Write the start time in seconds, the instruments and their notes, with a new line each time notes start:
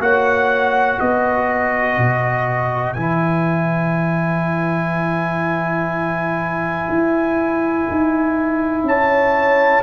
0.00 tuba A#3, trombone F#4, horn C#5, trumpet F#5
1.00 tuba B3, horn B4, trumpet D#5
1.98 tuba B2
2.93 tuba E3, trombone E4, trumpet G#5
6.89 tuba E4
7.90 tuba D#4
8.83 tuba C#4, horn C#5, trumpet A5